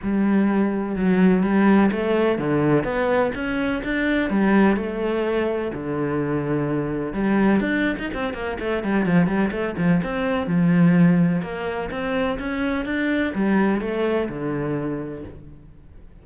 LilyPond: \new Staff \with { instrumentName = "cello" } { \time 4/4 \tempo 4 = 126 g2 fis4 g4 | a4 d4 b4 cis'4 | d'4 g4 a2 | d2. g4 |
d'8. dis'16 c'8 ais8 a8 g8 f8 g8 | a8 f8 c'4 f2 | ais4 c'4 cis'4 d'4 | g4 a4 d2 | }